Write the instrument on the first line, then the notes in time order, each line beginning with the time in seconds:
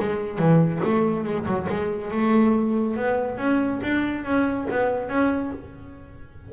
double bass
0.00 G#3
0.38 E3
0.84 A3
1.24 G#3
1.46 F#3
1.69 G#3
2.11 A3
2.97 B3
3.38 C#4
3.83 D4
4.24 C#4
4.70 B3
5.09 C#4